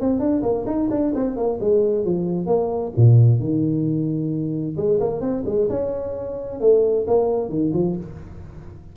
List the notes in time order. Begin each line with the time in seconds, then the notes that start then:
0.00 C4
0.19 D4
0.42 A#3
0.66 D#4
0.90 D4
1.14 C4
1.36 A#3
1.60 G#3
2.05 F3
2.46 A#3
2.97 A#2
3.39 D#3
4.76 G#3
5.00 A#3
5.21 C4
5.45 G#3
5.69 C#4
6.60 A3
7.07 A#3
7.49 D#3
7.73 F3